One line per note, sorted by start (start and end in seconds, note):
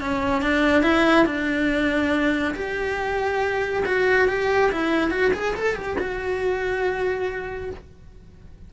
0.00 0.42 C#4
0.42 0.83 D4
0.83 1.25 E4
1.25 2.54 D4
2.55 3.83 G4
3.85 4.28 F#4
4.28 4.71 G4
4.72 5.10 E4
5.10 5.32 F#4
5.33 5.55 G#4
5.56 5.75 A4
5.75 5.97 G4
5.99 7.70 F#4